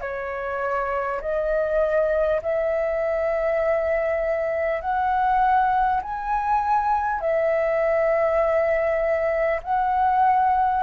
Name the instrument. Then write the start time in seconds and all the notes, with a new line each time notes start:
flute
0.00 C#5
1.21 D#5
2.42 E5
4.81 F#5
6.02 G#5
7.20 E5
9.63 F#5